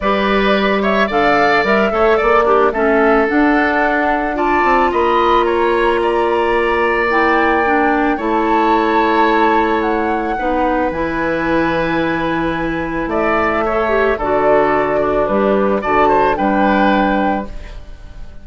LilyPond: <<
  \new Staff \with { instrumentName = "flute" } { \time 4/4 \tempo 4 = 110 d''4. e''8 f''4 e''4 | d''4 e''4 fis''2 | a''4 b''4 ais''2~ | ais''4 g''2 a''4~ |
a''2 fis''2 | gis''1 | e''2 d''2 | b'4 a''4 g''2 | }
  \new Staff \with { instrumentName = "oboe" } { \time 4/4 b'4. cis''8 d''4. cis''8 | d''8 d'8 a'2. | d''4 dis''4 cis''4 d''4~ | d''2. cis''4~ |
cis''2. b'4~ | b'1 | d''4 cis''4 a'4. d'8~ | d'4 d''8 c''8 b'2 | }
  \new Staff \with { instrumentName = "clarinet" } { \time 4/4 g'2 a'4 ais'8 a'8~ | a'8 g'8 cis'4 d'2 | f'1~ | f'4 e'4 d'4 e'4~ |
e'2. dis'4 | e'1~ | e'4 a'8 g'8 fis'2 | g'4 fis'4 d'2 | }
  \new Staff \with { instrumentName = "bassoon" } { \time 4/4 g2 d4 g8 a8 | ais4 a4 d'2~ | d'8 c'8 ais2.~ | ais2. a4~ |
a2. b4 | e1 | a2 d2 | g4 d4 g2 | }
>>